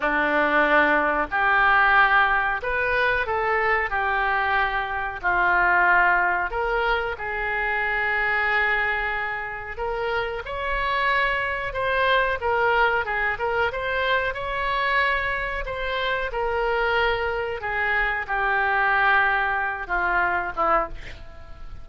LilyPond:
\new Staff \with { instrumentName = "oboe" } { \time 4/4 \tempo 4 = 92 d'2 g'2 | b'4 a'4 g'2 | f'2 ais'4 gis'4~ | gis'2. ais'4 |
cis''2 c''4 ais'4 | gis'8 ais'8 c''4 cis''2 | c''4 ais'2 gis'4 | g'2~ g'8 f'4 e'8 | }